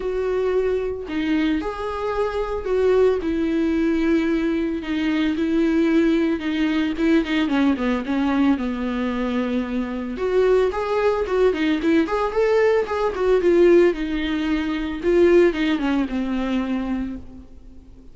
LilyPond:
\new Staff \with { instrumentName = "viola" } { \time 4/4 \tempo 4 = 112 fis'2 dis'4 gis'4~ | gis'4 fis'4 e'2~ | e'4 dis'4 e'2 | dis'4 e'8 dis'8 cis'8 b8 cis'4 |
b2. fis'4 | gis'4 fis'8 dis'8 e'8 gis'8 a'4 | gis'8 fis'8 f'4 dis'2 | f'4 dis'8 cis'8 c'2 | }